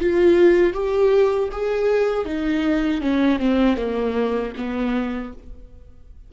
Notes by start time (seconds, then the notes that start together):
0.00 F4
0.73 G4
1.51 G#4
2.25 D#4
3.01 C#4
3.39 C4
3.77 A#3
4.57 B3